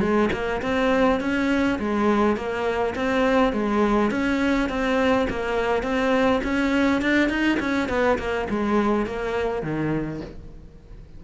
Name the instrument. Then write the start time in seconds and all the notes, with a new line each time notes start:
cello
0.00 G#3
0.32 A#3
0.62 C4
1.20 C#4
1.79 G#3
2.36 A#3
2.95 C4
3.52 G#3
4.10 C#4
4.69 C4
5.29 A#3
5.83 C4
6.43 C#4
7.01 D4
7.29 D#4
7.59 C#4
7.88 B3
8.18 A#3
8.49 G#3
9.06 A#3
9.62 D#3